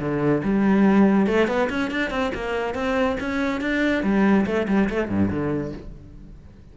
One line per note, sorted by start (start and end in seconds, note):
0.00 0.43 D3
0.44 1.27 G3
1.27 1.48 A3
1.48 1.69 B3
1.70 1.91 C#4
1.91 2.11 D4
2.11 2.32 C4
2.35 2.75 A#3
2.75 3.17 C4
3.21 3.61 C#4
3.61 4.03 D4
4.03 4.46 G3
4.46 4.68 A3
4.68 4.90 G3
4.90 5.09 A3
5.09 5.30 G2
5.31 5.73 D3